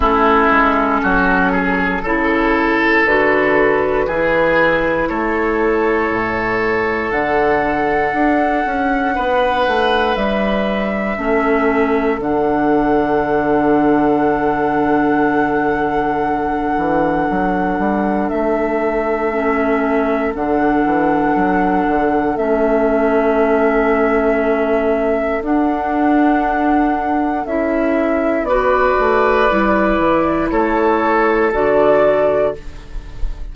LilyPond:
<<
  \new Staff \with { instrumentName = "flute" } { \time 4/4 \tempo 4 = 59 a'2. b'4~ | b'4 cis''2 fis''4~ | fis''2 e''2 | fis''1~ |
fis''2 e''2 | fis''2 e''2~ | e''4 fis''2 e''4 | d''2 cis''4 d''4 | }
  \new Staff \with { instrumentName = "oboe" } { \time 4/4 e'4 fis'8 gis'8 a'2 | gis'4 a'2.~ | a'4 b'2 a'4~ | a'1~ |
a'1~ | a'1~ | a'1 | b'2 a'2 | }
  \new Staff \with { instrumentName = "clarinet" } { \time 4/4 cis'2 e'4 fis'4 | e'2. d'4~ | d'2. cis'4 | d'1~ |
d'2. cis'4 | d'2 cis'2~ | cis'4 d'2 e'4 | fis'4 e'2 fis'4 | }
  \new Staff \with { instrumentName = "bassoon" } { \time 4/4 a8 gis8 fis4 cis4 d4 | e4 a4 a,4 d4 | d'8 cis'8 b8 a8 g4 a4 | d1~ |
d8 e8 fis8 g8 a2 | d8 e8 fis8 d8 a2~ | a4 d'2 cis'4 | b8 a8 g8 e8 a4 d4 | }
>>